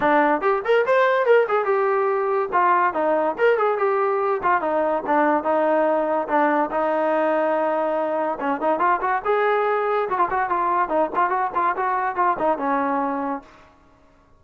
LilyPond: \new Staff \with { instrumentName = "trombone" } { \time 4/4 \tempo 4 = 143 d'4 g'8 ais'8 c''4 ais'8 gis'8 | g'2 f'4 dis'4 | ais'8 gis'8 g'4. f'8 dis'4 | d'4 dis'2 d'4 |
dis'1 | cis'8 dis'8 f'8 fis'8 gis'2 | fis'16 f'16 fis'8 f'4 dis'8 f'8 fis'8 f'8 | fis'4 f'8 dis'8 cis'2 | }